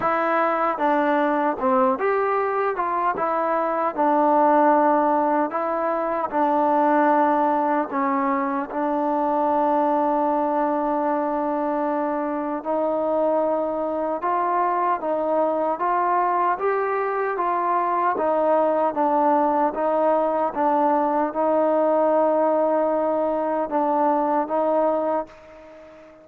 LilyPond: \new Staff \with { instrumentName = "trombone" } { \time 4/4 \tempo 4 = 76 e'4 d'4 c'8 g'4 f'8 | e'4 d'2 e'4 | d'2 cis'4 d'4~ | d'1 |
dis'2 f'4 dis'4 | f'4 g'4 f'4 dis'4 | d'4 dis'4 d'4 dis'4~ | dis'2 d'4 dis'4 | }